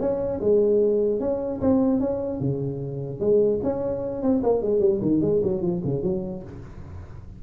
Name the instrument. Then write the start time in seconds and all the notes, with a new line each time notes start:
tuba
0.00 C#4
0.40 G#3
1.20 C#4
1.61 C4
2.00 C#4
2.40 C#3
3.20 G#3
3.63 C#4
4.23 C4
4.43 A#3
4.62 G#3
4.80 G3
5.02 D#3
5.21 G#3
5.43 F#3
5.62 F3
5.85 C#3
6.03 F#3